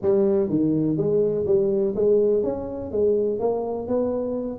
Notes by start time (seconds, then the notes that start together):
0.02 G3
0.49 D#3
0.97 G#3
1.46 G3
1.95 G#3
2.43 C#4
2.91 G#3
3.39 A#3
3.87 B3